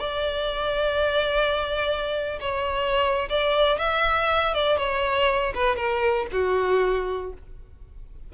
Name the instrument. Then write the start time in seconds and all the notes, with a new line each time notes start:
violin
0.00 D5
2.41 C#5
3.30 D5
3.79 E5
4.54 D5
4.78 C#5
5.55 B4
5.76 A#4
6.33 F#4